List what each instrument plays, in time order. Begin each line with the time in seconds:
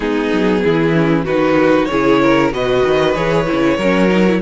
0.00 cello G#3, viola B3, violin D#4 G#4
0.32 cello F#3
0.63 cello E3, violin E4
0.93 viola C#4
1.24 cello D#3, viola D#4, violin F#4 B4
1.85 cello C#3, viola E4, violin C#5
1.91 violin G#4
2.22 violin A#4
2.51 cello B2, viola F#4, violin B4 D#5
2.83 cello D#3
3.14 cello E3, viola G#4, violin C#5
3.47 cello C#3, viola E4
3.76 cello F#3, viola C#4, violin A#4
4.09 viola D#4
4.26 viola E4